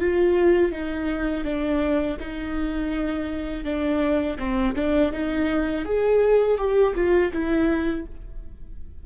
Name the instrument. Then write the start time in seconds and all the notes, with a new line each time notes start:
viola
0.00 F4
0.72 D#4
1.44 D4
2.20 D#4
3.64 D4
4.39 C4
4.76 D4
5.12 D#4
5.85 G#4
6.58 G4
6.95 F4
7.32 E4